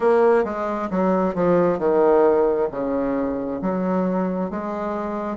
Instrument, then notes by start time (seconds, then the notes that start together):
bassoon
0.00 A#3
0.44 G#3
0.90 F#3
1.34 F3
1.78 D#3
2.71 C#3
3.61 F#3
4.50 G#3